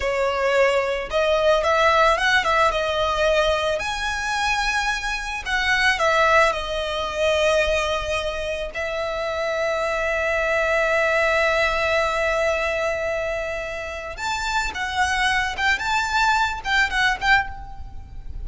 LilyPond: \new Staff \with { instrumentName = "violin" } { \time 4/4 \tempo 4 = 110 cis''2 dis''4 e''4 | fis''8 e''8 dis''2 gis''4~ | gis''2 fis''4 e''4 | dis''1 |
e''1~ | e''1~ | e''2 a''4 fis''4~ | fis''8 g''8 a''4. g''8 fis''8 g''8 | }